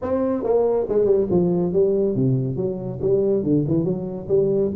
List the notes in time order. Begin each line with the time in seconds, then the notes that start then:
0.02 C4
0.43 A#3
0.88 G#3
1.05 G3
1.30 F3
1.72 G3
2.15 C3
2.56 F#3
3.01 G3
3.43 D3
3.67 E3
3.84 F#3
4.28 G3